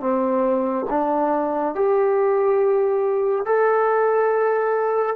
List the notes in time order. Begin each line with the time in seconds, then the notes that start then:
0.00 C4
0.90 D4
1.75 G4
3.46 A4